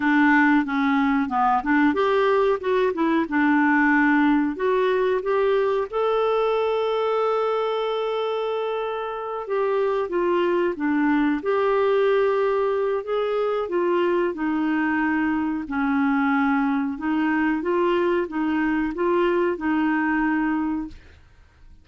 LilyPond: \new Staff \with { instrumentName = "clarinet" } { \time 4/4 \tempo 4 = 92 d'4 cis'4 b8 d'8 g'4 | fis'8 e'8 d'2 fis'4 | g'4 a'2.~ | a'2~ a'8 g'4 f'8~ |
f'8 d'4 g'2~ g'8 | gis'4 f'4 dis'2 | cis'2 dis'4 f'4 | dis'4 f'4 dis'2 | }